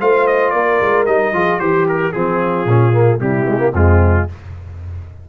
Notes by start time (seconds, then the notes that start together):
0.00 A3 F4 C5 F5
0.27 D#5
0.50 A#3 A#4 D5
0.81 G#3
1.06 G3 D#4 D#5
1.33 F3 F4 G#4
1.59 E3 G4 C5
1.88 A#4
2.12 F3 C4 F4 G#4
2.65 A#2 C#4
2.93 A#3
3.19 C3 G3 E4 G4
3.48 G#3
3.58 A#3
3.72 F2 G#3 C4 F4